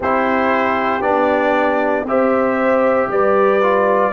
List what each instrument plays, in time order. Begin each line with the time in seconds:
0.00 tuba C4, trombone E4, horn G4, trumpet C5
1.01 tuba B3, trombone D4, trumpet D5
2.03 tuba C4, trombone G4, horn C5, trumpet E5
3.07 tuba G3, horn B4, trumpet D5
3.62 trombone F4